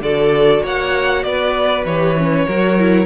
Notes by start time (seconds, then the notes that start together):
0.00 D3 F#4 A4 D5
0.63 A#3 C#5 F#5
1.23 B3 B4 D5
1.84 E3 G4 C#5
2.17 C#4
2.46 F#3 F#4 A#4
2.79 E4